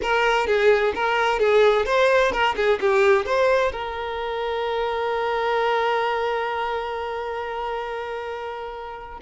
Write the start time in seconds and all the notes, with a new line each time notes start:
0.01 A#4
0.47 G#4
0.94 A#4
1.39 G#4
1.85 C5
2.32 A#4
2.56 G#4
2.80 G4
3.25 C5
3.72 A#4